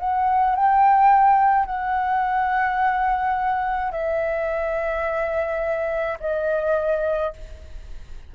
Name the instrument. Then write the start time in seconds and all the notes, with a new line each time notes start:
flute
0.00 F#5
0.56 G5
1.66 F#5
3.92 E5
6.20 D#5